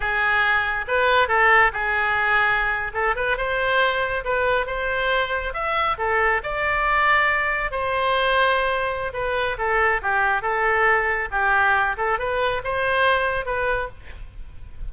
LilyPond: \new Staff \with { instrumentName = "oboe" } { \time 4/4 \tempo 4 = 138 gis'2 b'4 a'4 | gis'2~ gis'8. a'8 b'8 c''16~ | c''4.~ c''16 b'4 c''4~ c''16~ | c''8. e''4 a'4 d''4~ d''16~ |
d''4.~ d''16 c''2~ c''16~ | c''4 b'4 a'4 g'4 | a'2 g'4. a'8 | b'4 c''2 b'4 | }